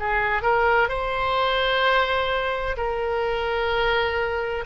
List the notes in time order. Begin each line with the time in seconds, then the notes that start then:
0.00 G#4
0.43 A#4
0.89 C5
2.78 A#4